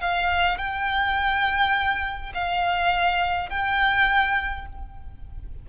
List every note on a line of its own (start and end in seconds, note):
0.00 0.57 F5
0.57 2.32 G5
2.34 3.49 F5
3.49 4.65 G5